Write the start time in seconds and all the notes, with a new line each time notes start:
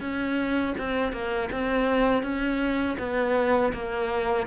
0.00 C#4
0.77 C4
1.12 A#3
1.51 C4
2.23 C#4
2.98 B3
3.73 A#3